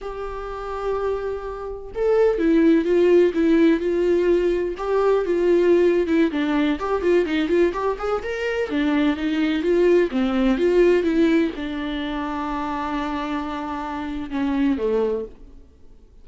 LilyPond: \new Staff \with { instrumentName = "viola" } { \time 4/4 \tempo 4 = 126 g'1 | a'4 e'4 f'4 e'4 | f'2 g'4 f'4~ | f'8. e'8 d'4 g'8 f'8 dis'8 f'16~ |
f'16 g'8 gis'8 ais'4 d'4 dis'8.~ | dis'16 f'4 c'4 f'4 e'8.~ | e'16 d'2.~ d'8.~ | d'2 cis'4 a4 | }